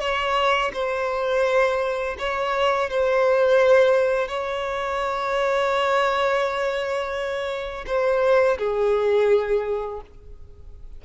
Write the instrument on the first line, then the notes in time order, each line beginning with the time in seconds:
violin
0.00 C#5
0.74 C5
2.19 C#5
2.90 C5
4.28 C#5
7.87 C5
8.58 G#4